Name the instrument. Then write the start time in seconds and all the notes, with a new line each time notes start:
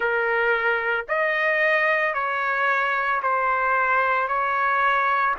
trumpet
0.00 A#4
1.08 D#5
2.14 C#5
3.22 C5
4.28 C#5